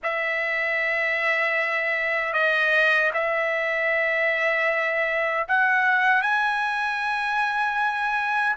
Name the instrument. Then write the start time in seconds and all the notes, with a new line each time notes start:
trumpet
0.03 E5
2.33 D#5
3.13 E5
5.48 F#5
6.22 G#5